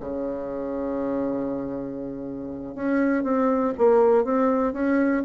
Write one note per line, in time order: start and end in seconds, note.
0.00 2.75 C#3
2.75 3.23 C#4
3.23 3.73 C4
3.78 4.24 A#3
4.24 4.73 C4
4.73 5.23 C#4